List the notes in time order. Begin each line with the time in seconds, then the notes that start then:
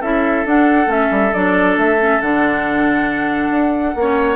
0.00 C#4 E4 A4 E5
0.45 D4 F#5
0.86 A3 C#4 E5
1.10 G3
1.33 F#3 D4 D5
1.76 A3 E5
1.99 C#4
2.21 D3 D4 F#5
3.50 D4
3.95 A#3 C#4 C#5